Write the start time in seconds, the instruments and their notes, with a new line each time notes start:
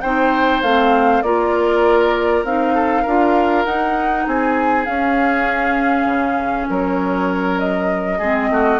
0.00 bassoon C4, clarinet D#4, oboe C5, flute G5
0.62 bassoon A3, clarinet C4, flute F5
1.22 bassoon A#3, clarinet F4, oboe A#4, flute D5
2.44 bassoon C4, clarinet D#4, flute F5
2.74 oboe A4
3.02 bassoon D4, clarinet F4, oboe A#4
3.65 bassoon D#4, clarinet D#4, flute F#5
4.26 bassoon C4, oboe G#4, flute G#5
4.85 clarinet C#4, bassoon C#4, flute F5
6.06 bassoon C#3
6.69 bassoon F#3, oboe A#4, flute C#5
7.59 flute D#5
8.19 bassoon G#3, clarinet C4, oboe G#4
8.50 bassoon A3, oboe F#4